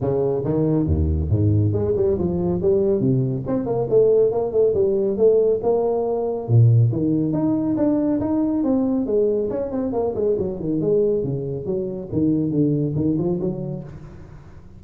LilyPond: \new Staff \with { instrumentName = "tuba" } { \time 4/4 \tempo 4 = 139 cis4 dis4 dis,4 gis,4 | gis8 g8 f4 g4 c4 | c'8 ais8 a4 ais8 a8 g4 | a4 ais2 ais,4 |
dis4 dis'4 d'4 dis'4 | c'4 gis4 cis'8 c'8 ais8 gis8 | fis8 dis8 gis4 cis4 fis4 | dis4 d4 dis8 f8 fis4 | }